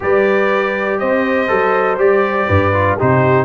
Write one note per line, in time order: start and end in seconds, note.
0.00 1.01 G3
0.00 1.47 G4
0.00 1.00 B4
0.00 0.98 D5
0.98 1.49 C4
0.98 2.47 C5
0.98 1.97 D#5
1.47 1.97 F#3
1.47 1.97 A4
1.97 2.47 G3
1.97 2.73 G4
1.97 2.98 D5
2.47 2.98 G2
2.47 2.95 B4
2.73 2.98 F4
2.95 3.44 C3
2.95 3.44 D#4
2.95 3.44 G4
2.95 3.44 C5